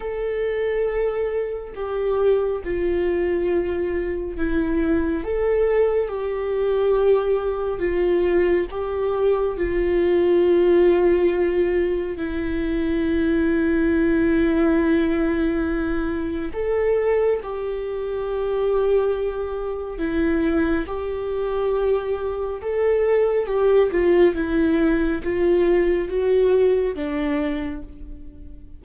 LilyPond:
\new Staff \with { instrumentName = "viola" } { \time 4/4 \tempo 4 = 69 a'2 g'4 f'4~ | f'4 e'4 a'4 g'4~ | g'4 f'4 g'4 f'4~ | f'2 e'2~ |
e'2. a'4 | g'2. e'4 | g'2 a'4 g'8 f'8 | e'4 f'4 fis'4 d'4 | }